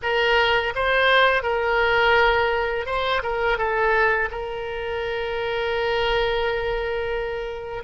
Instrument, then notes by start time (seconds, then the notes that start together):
oboe
0.02 A#4
0.75 C5
1.43 A#4
2.86 C5
3.22 A#4
3.57 A4
4.31 A#4